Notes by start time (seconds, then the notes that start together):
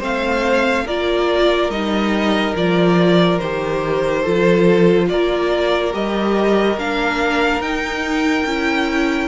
0.00 A3 C4 C5 F5
0.86 A#3 F4 A#4 D5
1.70 G3 D#4 D#5
2.56 F3 F4 D5
3.39 D#3 G4 C5
4.22 F3 F4 A4
5.09 A#3 A#4 D5
5.93 G3 G4 D#5
6.78 A#3 D4 F5
7.61 D#4 G5
8.46 C#4 E4